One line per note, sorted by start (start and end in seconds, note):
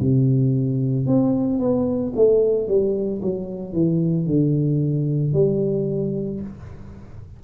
0.00 1.07 C3
1.07 1.59 C4
1.59 2.13 B3
2.16 2.67 A3
2.67 3.21 G3
3.21 3.73 F#3
3.73 4.26 E3
4.26 5.33 D3
5.33 6.40 G3